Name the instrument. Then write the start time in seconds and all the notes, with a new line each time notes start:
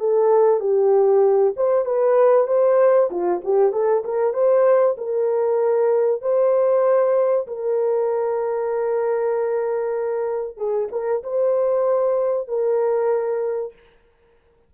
horn
0.00 A4
0.60 G4
1.57 C5
1.85 B4
2.48 C5
3.11 F4
3.44 G4
3.73 A4
4.05 A#4
4.34 C5
4.98 A#4
6.22 C5
7.48 A#4
10.57 G#4
10.92 A#4
11.23 C5
12.48 A#4